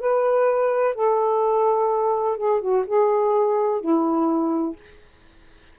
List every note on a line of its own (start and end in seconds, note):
0.00 0.95 B4
0.95 2.37 A4
2.37 2.61 G#4
2.61 2.85 F#4
2.87 3.81 G#4
3.81 4.76 E4